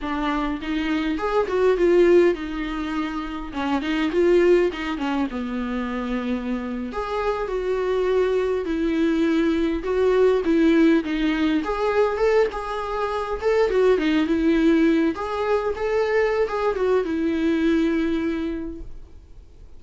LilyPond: \new Staff \with { instrumentName = "viola" } { \time 4/4 \tempo 4 = 102 d'4 dis'4 gis'8 fis'8 f'4 | dis'2 cis'8 dis'8 f'4 | dis'8 cis'8 b2~ b8. gis'16~ | gis'8. fis'2 e'4~ e'16~ |
e'8. fis'4 e'4 dis'4 gis'16~ | gis'8. a'8 gis'4. a'8 fis'8 dis'16~ | dis'16 e'4. gis'4 a'4~ a'16 | gis'8 fis'8 e'2. | }